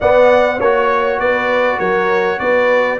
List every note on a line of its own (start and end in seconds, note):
0.00 0.60 B3
0.00 0.61 B3
0.00 0.57 D5
0.00 0.60 F#5
0.57 1.18 A#3
0.57 1.17 C#5
0.57 1.19 C#5
0.64 2.99 F#4
1.18 1.78 B3
1.18 1.78 B4
1.18 1.79 D5
1.78 2.39 F#3
1.78 2.38 A#4
1.78 2.39 C#5
2.39 2.99 B3
2.39 2.99 B4
2.39 2.99 D5